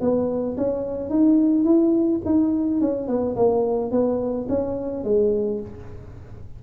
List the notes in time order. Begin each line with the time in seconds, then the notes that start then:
0.00 B3
0.57 C#4
1.09 D#4
1.64 E4
2.25 D#4
2.80 C#4
3.07 B3
3.36 A#3
3.91 B3
4.49 C#4
5.04 G#3